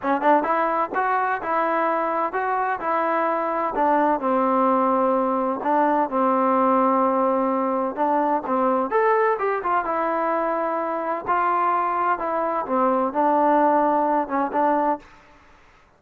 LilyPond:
\new Staff \with { instrumentName = "trombone" } { \time 4/4 \tempo 4 = 128 cis'8 d'8 e'4 fis'4 e'4~ | e'4 fis'4 e'2 | d'4 c'2. | d'4 c'2.~ |
c'4 d'4 c'4 a'4 | g'8 f'8 e'2. | f'2 e'4 c'4 | d'2~ d'8 cis'8 d'4 | }